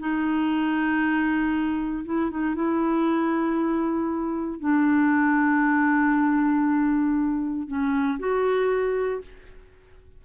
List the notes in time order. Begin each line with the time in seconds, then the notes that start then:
0.00 D#4
2.05 E4
2.31 D#4
2.55 E4
4.60 D4
7.68 C#4
8.19 F#4